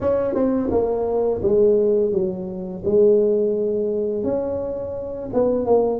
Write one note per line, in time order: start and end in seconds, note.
0.01 0.34 C#4
0.34 0.69 C4
0.70 1.41 A#3
1.42 2.12 G#3
2.12 2.82 F#3
2.84 4.23 G#3
4.23 5.29 C#4
5.33 5.65 B3
5.65 5.99 A#3